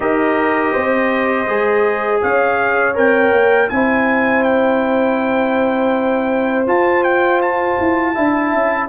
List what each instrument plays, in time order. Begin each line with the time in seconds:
0.00 tuba D#4, trombone G4, horn A#4, trumpet D#5
0.72 tuba C4, horn C5
1.46 tuba G#3, trombone G#4
2.21 tuba C#4, horn C#5, trumpet F5
2.94 tuba C4, trombone A#4, trumpet G5
3.32 tuba A#3
3.69 tuba C4, trombone E4, horn C5, trumpet G#5
4.42 trumpet G5
6.66 tuba F4, trombone F4, trumpet A5
7.03 trumpet G5
7.41 trumpet A5
7.79 tuba E4
8.14 tuba D4, trombone E4, horn E5
8.53 tuba C#4